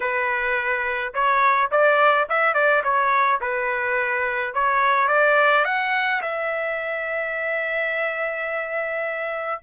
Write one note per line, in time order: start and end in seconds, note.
0.00 1.13 B4
1.13 1.70 C#5
1.71 2.27 D5
2.29 2.54 E5
2.54 2.82 D5
2.83 3.40 C#5
3.40 4.54 B4
4.54 5.08 C#5
5.08 5.64 D5
5.64 6.21 F#5
6.21 9.61 E5